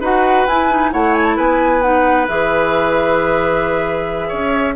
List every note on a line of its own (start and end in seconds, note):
0.00 0.46 D#4
0.00 0.47 F#4
0.00 0.90 B4
0.00 0.47 F#5
0.47 0.92 E4
0.47 0.70 E4
0.47 0.92 G#5
0.70 0.92 D#4
0.92 1.38 A3
0.92 1.82 E4
0.92 1.36 C#5
0.92 1.14 F#5
1.14 1.25 G#5
1.25 1.36 A5
1.36 2.28 B3
1.36 4.28 B4
1.36 1.81 G#5
1.81 2.27 D#4
1.81 2.26 F#5
2.27 4.31 E3
2.27 4.75 G#4
2.27 4.75 E5
4.28 4.75 C#4
4.28 4.73 C#5